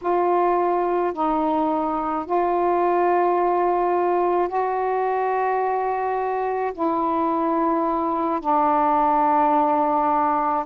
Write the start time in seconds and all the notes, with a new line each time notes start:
0.01 F4
1.13 D#4
2.25 F4
4.48 F#4
6.73 E4
8.40 D4